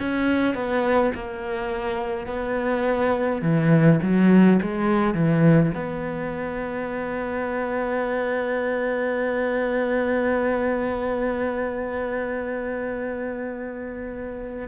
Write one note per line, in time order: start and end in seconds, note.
0.00 0.55 C#4
0.55 1.13 B3
1.15 2.27 A#3
2.27 3.42 B3
3.42 4.00 E3
4.02 4.60 F#3
4.63 5.15 G#3
5.15 5.73 E3
5.75 14.69 B3